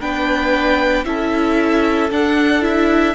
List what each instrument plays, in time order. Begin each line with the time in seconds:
0.00 cello B3, viola D4, violin B4 G5
1.05 cello C#4, viola E4, violin A4 E5
2.10 cello D4, viola D4, violin F#5
2.61 viola E4, violin E5